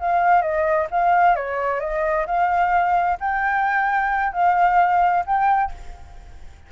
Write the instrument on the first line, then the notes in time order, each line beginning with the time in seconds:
flute
0.00 F5
0.41 D#5
0.91 F5
1.35 C#5
1.80 D#5
2.27 F5
3.20 G5
4.33 F5
5.26 G5